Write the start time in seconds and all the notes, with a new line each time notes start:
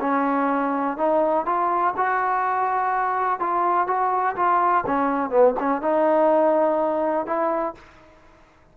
0.00 C#4
0.97 D#4
1.45 F4
1.96 F#4
3.39 F4
3.87 F#4
4.36 F4
4.86 C#4
5.30 B3
5.59 C#4
5.81 D#4
7.26 E4